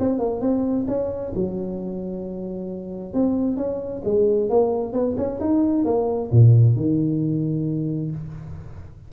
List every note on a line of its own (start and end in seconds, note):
0.00 0.19 C4
0.19 0.41 A#3
0.41 0.86 C4
0.88 1.33 C#4
1.36 3.14 F#3
3.14 3.57 C4
3.57 4.02 C#4
4.05 4.50 G#3
4.50 4.93 A#3
4.93 5.16 B3
5.17 5.40 C#4
5.41 5.85 D#4
5.85 6.30 A#3
6.32 6.76 A#2
6.76 8.12 D#3